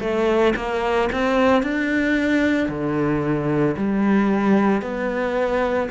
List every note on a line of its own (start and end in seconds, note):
0.00 0.54 A3
0.56 1.09 A#3
1.12 1.63 C4
1.63 2.69 D4
2.69 3.76 D3
3.77 4.82 G3
4.82 5.89 B3